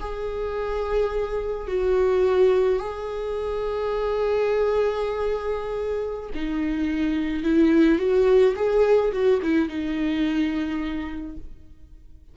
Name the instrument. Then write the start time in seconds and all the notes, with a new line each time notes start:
viola
0.00 G#4
1.67 F#4
2.80 G#4
6.35 D#4
7.43 E4
7.99 F#4
8.56 G#4
9.12 F#4
9.43 E4
9.69 D#4